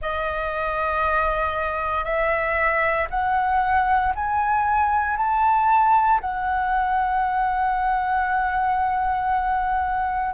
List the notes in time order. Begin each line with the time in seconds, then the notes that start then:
0.01 D#5
2.04 E5
3.10 F#5
4.15 G#5
5.16 A5
6.20 F#5